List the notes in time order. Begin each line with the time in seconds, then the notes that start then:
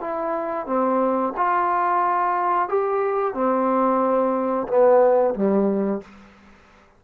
0.00 E4
0.66 C4
1.37 F4
2.69 G4
3.34 C4
4.67 B3
5.35 G3